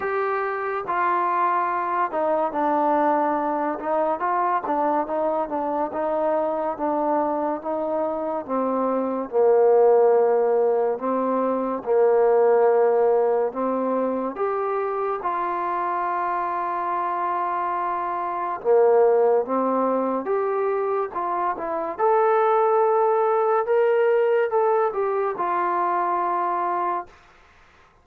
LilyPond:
\new Staff \with { instrumentName = "trombone" } { \time 4/4 \tempo 4 = 71 g'4 f'4. dis'8 d'4~ | d'8 dis'8 f'8 d'8 dis'8 d'8 dis'4 | d'4 dis'4 c'4 ais4~ | ais4 c'4 ais2 |
c'4 g'4 f'2~ | f'2 ais4 c'4 | g'4 f'8 e'8 a'2 | ais'4 a'8 g'8 f'2 | }